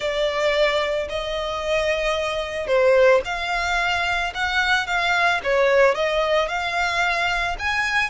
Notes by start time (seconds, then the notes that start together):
0.00 D5
1.09 D#5
2.67 C5
3.25 F5
4.34 F#5
4.86 F5
5.43 C#5
5.95 D#5
6.48 F5
7.58 G#5